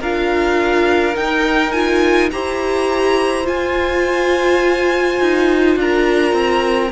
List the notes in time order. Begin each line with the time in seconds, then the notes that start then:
0.00 D4 F4 A#4 F5
1.14 D#4 G5
1.72 F4 G#5
2.31 E4 G4 C5 A#5
3.44 F4 G#5
5.20 D#4
5.76 D4 A#4 A#5
6.33 C4